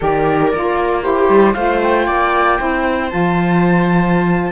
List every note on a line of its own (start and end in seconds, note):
0.00 0.53 D#3
0.00 0.52 G4
0.00 1.02 A#4
0.00 1.02 D5
0.53 1.28 A#3
0.53 1.02 F4
1.02 1.54 E4
1.02 1.54 G4
1.02 1.53 C5
1.28 1.54 G3
1.53 2.07 A3
1.53 2.58 F4
1.53 2.06 C5
1.53 1.79 F5
1.82 3.09 G5
2.06 2.59 A#3
2.06 2.57 D5
2.58 3.12 C4
2.58 3.09 E4
2.58 4.51 C5
3.09 4.51 F3
3.09 4.51 F4
3.09 4.51 A5